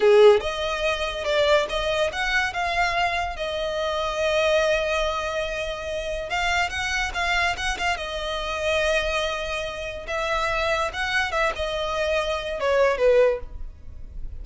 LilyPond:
\new Staff \with { instrumentName = "violin" } { \time 4/4 \tempo 4 = 143 gis'4 dis''2 d''4 | dis''4 fis''4 f''2 | dis''1~ | dis''2. f''4 |
fis''4 f''4 fis''8 f''8 dis''4~ | dis''1 | e''2 fis''4 e''8 dis''8~ | dis''2 cis''4 b'4 | }